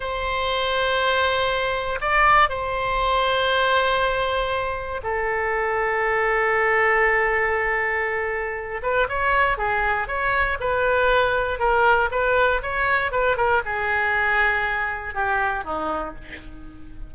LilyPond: \new Staff \with { instrumentName = "oboe" } { \time 4/4 \tempo 4 = 119 c''1 | d''4 c''2.~ | c''2 a'2~ | a'1~ |
a'4. b'8 cis''4 gis'4 | cis''4 b'2 ais'4 | b'4 cis''4 b'8 ais'8 gis'4~ | gis'2 g'4 dis'4 | }